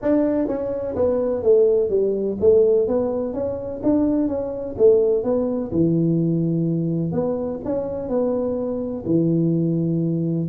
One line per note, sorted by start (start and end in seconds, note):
0.02 0.47 D4
0.47 0.95 C#4
0.95 1.42 B3
1.42 1.89 A3
1.89 2.37 G3
2.40 2.87 A3
2.87 3.33 B3
3.33 3.81 C#4
3.83 4.27 D4
4.27 4.75 C#4
4.77 5.23 A3
5.23 5.71 B3
5.71 7.12 E3
7.12 7.59 B3
7.64 8.08 C#4
8.08 9.04 B3
9.05 10.48 E3